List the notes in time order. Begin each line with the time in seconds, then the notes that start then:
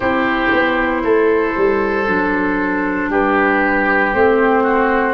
0.00 C4 E4 G4 C5
0.52 B3
1.03 A3 A4
1.57 G3
2.07 F#3 D4
3.09 G3 G4 B4
4.13 A3 C4 C5
4.63 F#4